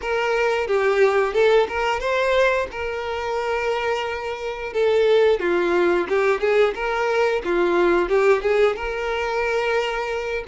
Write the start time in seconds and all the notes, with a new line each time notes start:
0.01 A#4
0.67 G4
1.33 A4
1.68 A#4
1.99 C5
2.71 A#4
4.73 A4
5.39 F4
6.09 G4
6.40 G#4
6.74 A#4
7.44 F4
8.09 G4
8.42 G#4
8.75 A#4